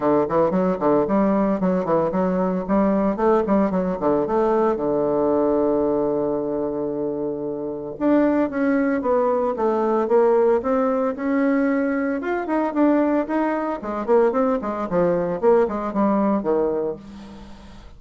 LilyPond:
\new Staff \with { instrumentName = "bassoon" } { \time 4/4 \tempo 4 = 113 d8 e8 fis8 d8 g4 fis8 e8 | fis4 g4 a8 g8 fis8 d8 | a4 d2.~ | d2. d'4 |
cis'4 b4 a4 ais4 | c'4 cis'2 f'8 dis'8 | d'4 dis'4 gis8 ais8 c'8 gis8 | f4 ais8 gis8 g4 dis4 | }